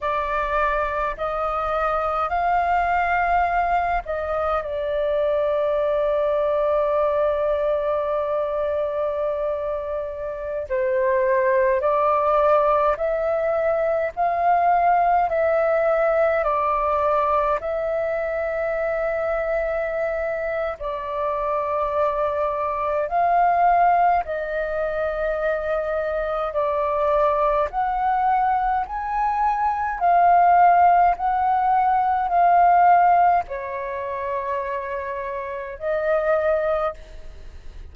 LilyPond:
\new Staff \with { instrumentName = "flute" } { \time 4/4 \tempo 4 = 52 d''4 dis''4 f''4. dis''8 | d''1~ | d''4~ d''16 c''4 d''4 e''8.~ | e''16 f''4 e''4 d''4 e''8.~ |
e''2 d''2 | f''4 dis''2 d''4 | fis''4 gis''4 f''4 fis''4 | f''4 cis''2 dis''4 | }